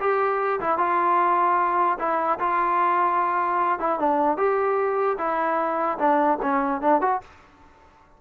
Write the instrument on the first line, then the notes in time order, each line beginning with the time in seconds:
trombone
0.00 G4
0.61 E4
0.78 F4
1.99 E4
2.39 F4
3.79 E4
3.99 D4
4.37 G4
5.18 E4
5.99 D4
6.42 C#4
6.81 D4
7.01 F#4